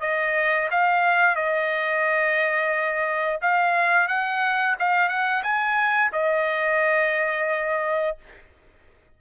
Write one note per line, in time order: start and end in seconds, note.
0.00 0.68 D#5
0.71 1.35 F5
1.35 3.40 D#5
3.41 4.08 F5
4.08 4.76 F#5
4.79 5.09 F5
5.09 5.43 F#5
5.43 6.11 G#5
6.12 8.17 D#5